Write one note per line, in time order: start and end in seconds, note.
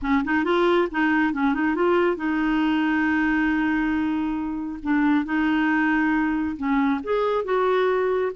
0.02 0.24 C#4
0.24 0.44 D#4
0.44 0.88 F4
0.91 1.33 D#4
1.33 1.54 C#4
1.54 1.75 D#4
1.75 2.16 F4
2.16 4.79 D#4
4.82 5.25 D4
5.25 6.56 D#4
6.57 7.00 C#4
7.03 7.44 G#4
7.44 8.32 F#4